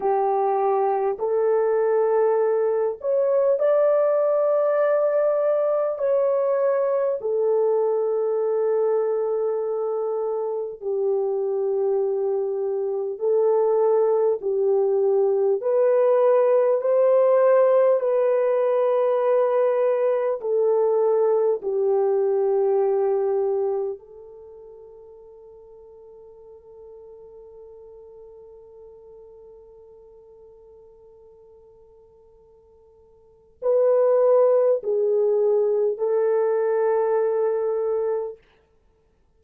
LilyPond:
\new Staff \with { instrumentName = "horn" } { \time 4/4 \tempo 4 = 50 g'4 a'4. cis''8 d''4~ | d''4 cis''4 a'2~ | a'4 g'2 a'4 | g'4 b'4 c''4 b'4~ |
b'4 a'4 g'2 | a'1~ | a'1 | b'4 gis'4 a'2 | }